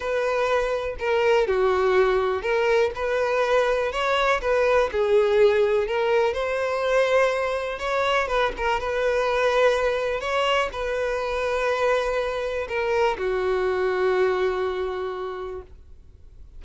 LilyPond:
\new Staff \with { instrumentName = "violin" } { \time 4/4 \tempo 4 = 123 b'2 ais'4 fis'4~ | fis'4 ais'4 b'2 | cis''4 b'4 gis'2 | ais'4 c''2. |
cis''4 b'8 ais'8 b'2~ | b'4 cis''4 b'2~ | b'2 ais'4 fis'4~ | fis'1 | }